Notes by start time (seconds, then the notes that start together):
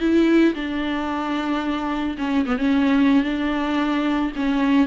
0.00 E4
0.54 D4
2.18 C#4
2.46 B3
2.58 C#4
3.24 D4
4.36 C#4